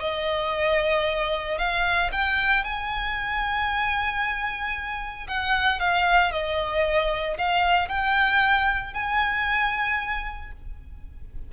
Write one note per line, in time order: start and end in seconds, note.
0.00 1.58 D#5
1.58 2.10 F5
2.12 2.64 G5
2.64 5.27 G#5
5.27 5.79 F#5
5.79 6.32 F5
6.32 7.37 D#5
7.38 7.88 F5
7.88 8.93 G5
8.94 10.51 G#5